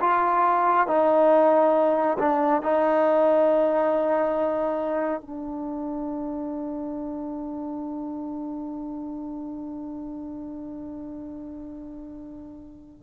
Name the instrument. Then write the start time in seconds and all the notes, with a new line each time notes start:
trombone
0.00 F4
0.87 D#4
2.19 D4
2.62 D#4
5.21 D4